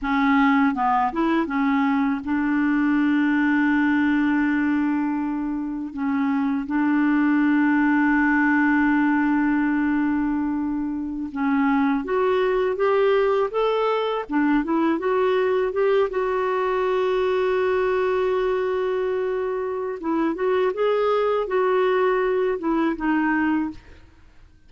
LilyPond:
\new Staff \with { instrumentName = "clarinet" } { \time 4/4 \tempo 4 = 81 cis'4 b8 e'8 cis'4 d'4~ | d'1 | cis'4 d'2.~ | d'2.~ d'16 cis'8.~ |
cis'16 fis'4 g'4 a'4 d'8 e'16~ | e'16 fis'4 g'8 fis'2~ fis'16~ | fis'2. e'8 fis'8 | gis'4 fis'4. e'8 dis'4 | }